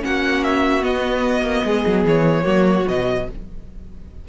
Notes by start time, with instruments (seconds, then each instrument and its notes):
0.00 cello A#3, viola C#4, violin F#4 F#5
0.43 violin E5
0.81 viola B3, cello B3, violin D#5
1.41 cello A#3
1.64 cello G#3, violin G#4
1.86 cello F#3
2.04 cello E3, violin C#5
2.43 cello F#3, viola A#3, violin F#4
2.87 cello B2, viola F#3, violin D#5